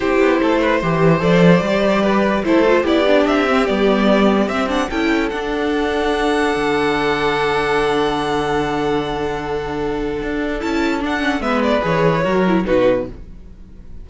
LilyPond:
<<
  \new Staff \with { instrumentName = "violin" } { \time 4/4 \tempo 4 = 147 c''2. d''4~ | d''2 c''4 d''4 | e''4 d''2 e''8 fis''8 | g''4 fis''2.~ |
fis''1~ | fis''1~ | fis''2 a''4 fis''4 | e''8 d''8 cis''2 b'4 | }
  \new Staff \with { instrumentName = "violin" } { \time 4/4 g'4 a'8 b'8 c''2~ | c''4 b'4 a'4 g'4~ | g'1 | a'1~ |
a'1~ | a'1~ | a'1 | b'2 ais'4 fis'4 | }
  \new Staff \with { instrumentName = "viola" } { \time 4/4 e'2 g'4 a'4 | g'2 e'8 f'8 e'8 d'8~ | d'8 c'8 b2 c'8 d'8 | e'4 d'2.~ |
d'1~ | d'1~ | d'2 e'4 d'8 cis'8 | b4 gis'4 fis'8 e'8 dis'4 | }
  \new Staff \with { instrumentName = "cello" } { \time 4/4 c'8 b8 a4 e4 f4 | g2 a4 b4 | c'4 g2 c'4 | cis'4 d'2. |
d1~ | d1~ | d4 d'4 cis'4 d'4 | gis4 e4 fis4 b,4 | }
>>